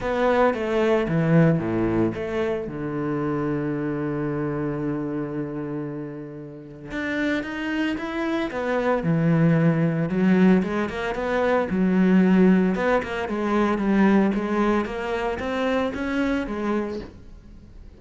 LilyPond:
\new Staff \with { instrumentName = "cello" } { \time 4/4 \tempo 4 = 113 b4 a4 e4 a,4 | a4 d2.~ | d1~ | d4 d'4 dis'4 e'4 |
b4 e2 fis4 | gis8 ais8 b4 fis2 | b8 ais8 gis4 g4 gis4 | ais4 c'4 cis'4 gis4 | }